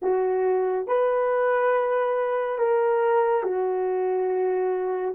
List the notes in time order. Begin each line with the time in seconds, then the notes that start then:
0.02 F#4
0.87 B4
2.58 A#4
3.43 F#4